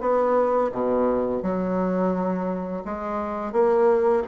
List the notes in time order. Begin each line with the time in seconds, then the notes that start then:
0.00 B3
0.72 B2
1.42 F#3
2.85 G#3
3.52 A#3